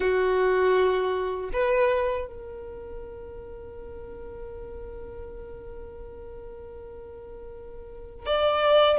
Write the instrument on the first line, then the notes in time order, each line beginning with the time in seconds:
violin
0.00 F#4
1.52 B4
2.27 A#4
8.25 D5